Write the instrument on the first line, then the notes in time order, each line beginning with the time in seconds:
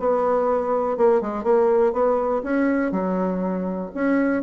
bassoon
0.00 B3
0.98 A#3
1.21 G#3
1.44 A#3
1.93 B3
2.44 C#4
2.92 F#3
3.95 C#4